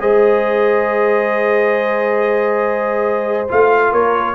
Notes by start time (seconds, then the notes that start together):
0.00 G#3 G#4 C5 D#5
3.49 A3 F4 F5
3.91 A#3 A#4 C#5